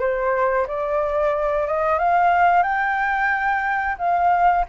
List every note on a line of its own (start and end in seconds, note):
0.00 0.67 C5
0.68 1.68 D5
1.68 1.99 D#5
1.99 2.63 F5
2.63 3.97 G5
3.99 4.65 F5